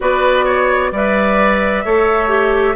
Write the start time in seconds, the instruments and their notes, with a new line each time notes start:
0.00 bassoon B3, clarinet F#4, oboe B4, flute D5
0.45 oboe C#5
0.91 bassoon G3, clarinet B4, oboe D5, flute E5
1.84 bassoon A3, clarinet A4, oboe C#5
2.28 clarinet G4